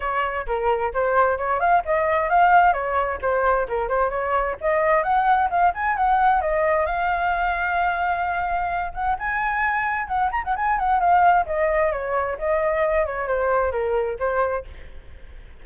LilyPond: \new Staff \with { instrumentName = "flute" } { \time 4/4 \tempo 4 = 131 cis''4 ais'4 c''4 cis''8 f''8 | dis''4 f''4 cis''4 c''4 | ais'8 c''8 cis''4 dis''4 fis''4 | f''8 gis''8 fis''4 dis''4 f''4~ |
f''2.~ f''8 fis''8 | gis''2 fis''8 ais''16 fis''16 gis''8 fis''8 | f''4 dis''4 cis''4 dis''4~ | dis''8 cis''8 c''4 ais'4 c''4 | }